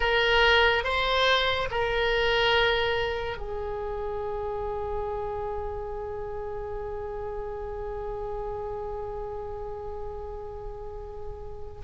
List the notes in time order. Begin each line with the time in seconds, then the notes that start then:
0.00 A#4
0.83 C5
1.70 A#4
3.36 G#4